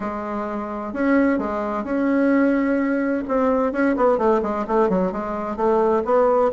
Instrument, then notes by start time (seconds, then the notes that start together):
bassoon
0.00 G#3
0.93 C#4
1.38 G#3
1.84 C#4
3.27 C4
3.72 C#4
3.96 B3
4.17 A3
4.42 G#3
4.67 A3
4.89 F#3
5.12 G#3
5.56 A3
6.04 B3